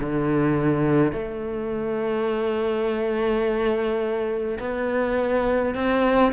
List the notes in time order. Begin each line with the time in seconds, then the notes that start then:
0.00 D3
1.12 A3
4.59 B3
5.75 C4